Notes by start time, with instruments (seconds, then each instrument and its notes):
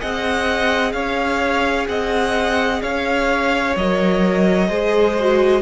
0.00 cello C4, viola G#4, violin D#5 F#5
0.93 cello C#4, violin C#5 F5
1.88 cello C4, violin D#5 F#5
2.82 cello C#4, violin C#5 F5
3.77 cello F#3, viola A#4, violin D#5
4.69 cello G#3, viola G#4, violin C5
5.20 viola F#4